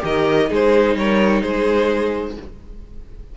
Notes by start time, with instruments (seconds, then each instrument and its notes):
0.00 cello D#3, viola G4, violin A#4 D#5
0.47 cello G#3, viola D#4, violin G#4
0.54 violin C5
0.95 cello G3, violin A#4 C#5
1.41 cello G#3, violin G#4 C5